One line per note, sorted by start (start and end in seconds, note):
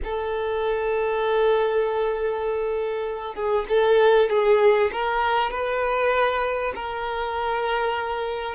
0.03 3.34 A4
3.34 3.65 G#4
3.68 4.29 A4
4.29 4.90 G#4
4.92 5.50 A#4
5.50 6.73 B4
6.75 8.55 A#4